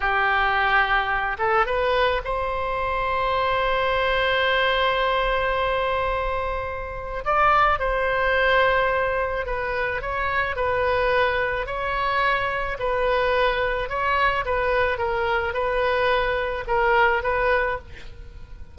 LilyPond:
\new Staff \with { instrumentName = "oboe" } { \time 4/4 \tempo 4 = 108 g'2~ g'8 a'8 b'4 | c''1~ | c''1~ | c''4 d''4 c''2~ |
c''4 b'4 cis''4 b'4~ | b'4 cis''2 b'4~ | b'4 cis''4 b'4 ais'4 | b'2 ais'4 b'4 | }